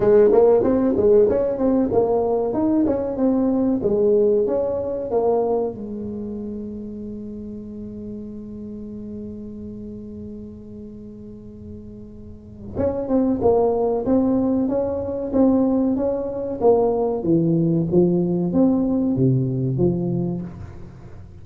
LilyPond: \new Staff \with { instrumentName = "tuba" } { \time 4/4 \tempo 4 = 94 gis8 ais8 c'8 gis8 cis'8 c'8 ais4 | dis'8 cis'8 c'4 gis4 cis'4 | ais4 gis2.~ | gis1~ |
gis1 | cis'8 c'8 ais4 c'4 cis'4 | c'4 cis'4 ais4 e4 | f4 c'4 c4 f4 | }